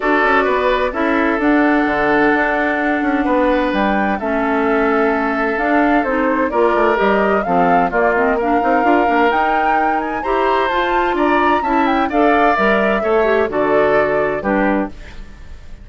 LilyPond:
<<
  \new Staff \with { instrumentName = "flute" } { \time 4/4 \tempo 4 = 129 d''2 e''4 fis''4~ | fis''1 | g''4 e''2. | f''4 c''4 d''4 dis''4 |
f''4 d''8 dis''8 f''2 | g''4. gis''8 ais''4 a''4 | ais''4 a''8 g''8 f''4 e''4~ | e''4 d''2 b'4 | }
  \new Staff \with { instrumentName = "oboe" } { \time 4/4 a'4 b'4 a'2~ | a'2. b'4~ | b'4 a'2.~ | a'2 ais'2 |
a'4 f'4 ais'2~ | ais'2 c''2 | d''4 e''4 d''2 | cis''4 a'2 g'4 | }
  \new Staff \with { instrumentName = "clarinet" } { \time 4/4 fis'2 e'4 d'4~ | d'1~ | d'4 cis'2. | d'4 dis'4 f'4 g'4 |
c'4 ais8 c'8 d'8 dis'8 f'8 d'8 | dis'2 g'4 f'4~ | f'4 e'4 a'4 ais'4 | a'8 g'8 fis'2 d'4 | }
  \new Staff \with { instrumentName = "bassoon" } { \time 4/4 d'8 cis'8 b4 cis'4 d'4 | d4 d'4. cis'8 b4 | g4 a2. | d'4 c'4 ais8 a8 g4 |
f4 ais4. c'8 d'8 ais8 | dis'2 e'4 f'4 | d'4 cis'4 d'4 g4 | a4 d2 g4 | }
>>